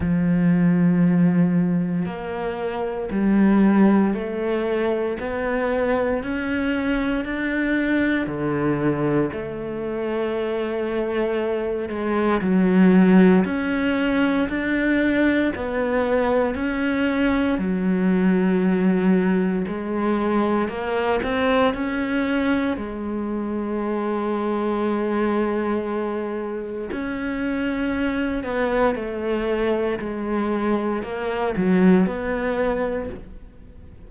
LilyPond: \new Staff \with { instrumentName = "cello" } { \time 4/4 \tempo 4 = 58 f2 ais4 g4 | a4 b4 cis'4 d'4 | d4 a2~ a8 gis8 | fis4 cis'4 d'4 b4 |
cis'4 fis2 gis4 | ais8 c'8 cis'4 gis2~ | gis2 cis'4. b8 | a4 gis4 ais8 fis8 b4 | }